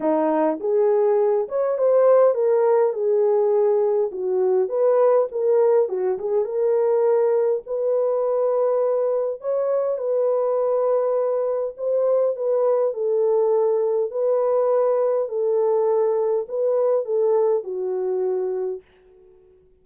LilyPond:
\new Staff \with { instrumentName = "horn" } { \time 4/4 \tempo 4 = 102 dis'4 gis'4. cis''8 c''4 | ais'4 gis'2 fis'4 | b'4 ais'4 fis'8 gis'8 ais'4~ | ais'4 b'2. |
cis''4 b'2. | c''4 b'4 a'2 | b'2 a'2 | b'4 a'4 fis'2 | }